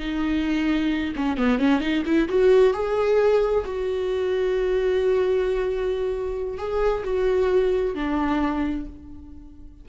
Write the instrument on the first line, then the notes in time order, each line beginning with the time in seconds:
viola
0.00 D#4
1.16 C#4
1.38 B3
1.59 C#4
1.81 D#4
2.06 E4
2.29 F#4
2.74 G#4
3.66 F#4
6.58 G#4
7.05 F#4
7.95 D4